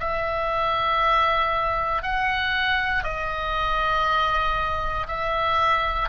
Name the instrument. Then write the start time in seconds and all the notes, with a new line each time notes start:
oboe
0.00 E5
2.02 F#5
3.04 D#5
5.08 E5